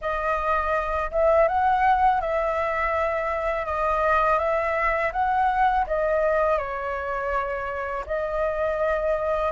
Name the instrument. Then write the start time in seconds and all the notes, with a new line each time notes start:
flute
0.01 D#5
1.11 E5
1.48 F#5
2.20 E5
3.65 D#5
4.38 E5
5.12 F#5
5.87 D#5
6.58 C#5
8.06 D#5